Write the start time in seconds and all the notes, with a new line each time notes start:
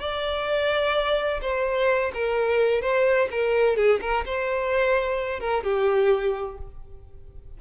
0.00 D5
1.42 C5
2.14 A#4
2.82 C5
3.32 A#4
3.77 G#4
4.01 A#4
4.26 C5
5.40 A#4
5.64 G4